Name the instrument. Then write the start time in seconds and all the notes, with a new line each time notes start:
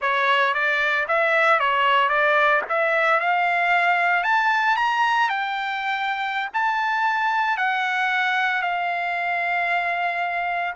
trumpet
0.01 C#5
0.53 D5
1.08 E5
1.59 C#5
2.08 D5
2.68 E5
3.20 F5
4.23 A5
4.76 A#5
5.29 G5
6.53 A5
7.57 F#5
8.62 F5